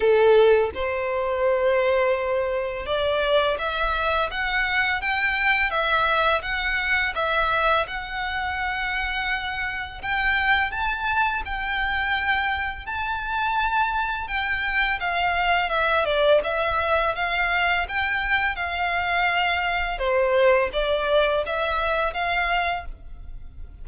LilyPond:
\new Staff \with { instrumentName = "violin" } { \time 4/4 \tempo 4 = 84 a'4 c''2. | d''4 e''4 fis''4 g''4 | e''4 fis''4 e''4 fis''4~ | fis''2 g''4 a''4 |
g''2 a''2 | g''4 f''4 e''8 d''8 e''4 | f''4 g''4 f''2 | c''4 d''4 e''4 f''4 | }